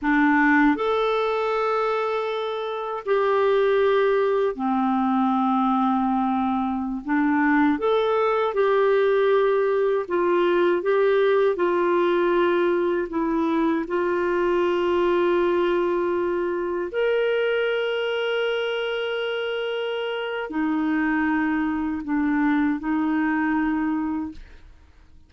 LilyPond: \new Staff \with { instrumentName = "clarinet" } { \time 4/4 \tempo 4 = 79 d'4 a'2. | g'2 c'2~ | c'4~ c'16 d'4 a'4 g'8.~ | g'4~ g'16 f'4 g'4 f'8.~ |
f'4~ f'16 e'4 f'4.~ f'16~ | f'2~ f'16 ais'4.~ ais'16~ | ais'2. dis'4~ | dis'4 d'4 dis'2 | }